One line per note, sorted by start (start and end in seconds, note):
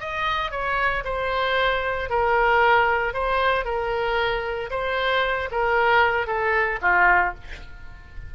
0.00 0.51 D#5
0.51 1.04 C#5
1.05 2.10 C5
2.10 3.14 A#4
3.14 3.65 C5
3.65 4.70 A#4
4.70 5.49 C5
5.51 6.27 A#4
6.27 6.79 A4
6.82 7.34 F4